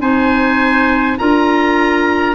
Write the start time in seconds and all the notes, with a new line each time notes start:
0.00 C4 D#4 C5 G#5
1.18 D4 F4 A#4 A#5